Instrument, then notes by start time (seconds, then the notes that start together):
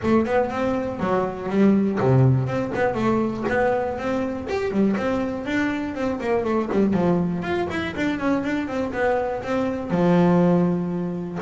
double bass
0.02 A3
0.25 B3
0.50 C4
0.99 F#3
1.49 G3
1.99 C3
2.46 C4
2.75 B3
2.94 A3
3.48 B3
3.98 C4
4.49 G4
4.71 G3
4.96 C4
5.45 D4
5.94 C4
6.20 A#3
6.44 A3
6.72 G3
6.93 F3
7.42 F4
7.69 E4
7.96 D4
8.19 C#4
8.43 D4
8.67 C4
8.93 B3
9.42 C4
9.90 F3